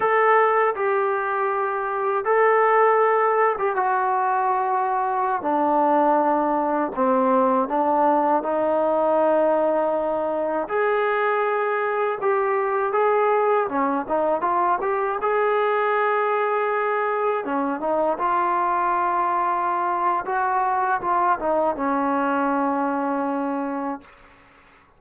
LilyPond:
\new Staff \with { instrumentName = "trombone" } { \time 4/4 \tempo 4 = 80 a'4 g'2 a'4~ | a'8. g'16 fis'2~ fis'16 d'8.~ | d'4~ d'16 c'4 d'4 dis'8.~ | dis'2~ dis'16 gis'4.~ gis'16~ |
gis'16 g'4 gis'4 cis'8 dis'8 f'8 g'16~ | g'16 gis'2. cis'8 dis'16~ | dis'16 f'2~ f'8. fis'4 | f'8 dis'8 cis'2. | }